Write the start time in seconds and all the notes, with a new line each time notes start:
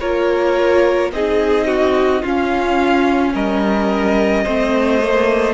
0.00 A#3 F4 A#4 C#5
1.11 C4 D#4 G#4 D#5
1.67 F#4
2.22 C#4 F4 F5
3.34 G3 A#4 D#5
4.43 A3 C4 C5
5.02 A#3